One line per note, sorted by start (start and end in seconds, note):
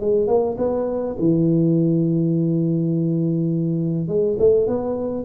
0.00 0.27 G#3
0.27 0.56 A#3
0.58 1.16 B3
1.19 4.08 E3
4.08 4.37 G#3
4.39 4.67 A3
4.67 5.24 B3